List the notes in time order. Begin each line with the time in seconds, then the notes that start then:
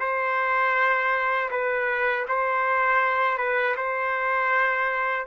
0.00 C5
1.51 B4
2.28 C5
3.38 B4
3.76 C5